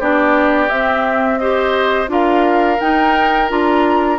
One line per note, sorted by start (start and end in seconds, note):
0.00 0.70 B3
0.00 0.70 D4
0.00 1.40 G4
0.00 0.70 D5
0.70 1.40 C4
0.70 2.09 C4
0.70 1.39 E5
1.39 2.08 G4
1.39 2.11 C5
1.39 2.09 D#5
2.08 2.78 D4
2.08 2.78 F4
2.08 4.20 A#4
2.08 2.80 F5
2.80 3.51 D#4
2.80 3.49 D#4
2.80 3.50 G5
3.49 4.20 D4
3.49 4.18 F4
3.49 4.20 A#5